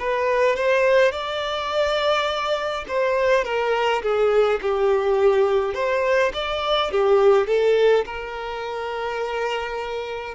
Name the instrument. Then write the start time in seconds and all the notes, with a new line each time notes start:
violin
0.00 B4
0.57 C5
1.12 D5
2.88 C5
3.45 A#4
4.03 G#4
4.62 G4
5.75 C5
6.34 D5
6.92 G4
7.47 A4
8.06 A#4